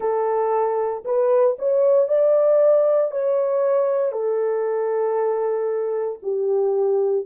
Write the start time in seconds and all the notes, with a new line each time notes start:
0.00 A4
1.04 B4
1.58 C#5
2.07 D5
3.11 C#5
4.11 A4
6.22 G4